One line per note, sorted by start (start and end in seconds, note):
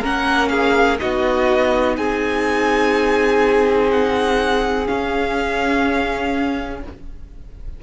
0.00 1.01 A#3
0.00 0.98 C#4
0.00 0.48 A#4
0.00 0.48 F#5
0.48 0.98 G#4
0.48 0.97 F5
0.99 1.97 B3
0.99 4.85 D#4
0.99 1.97 F#4
0.99 1.96 D#5
1.97 4.87 C4
1.97 6.81 G#4
1.97 3.90 G#5
3.90 4.87 F#5
4.85 6.79 C#4
4.85 6.82 C#4
4.85 6.80 F5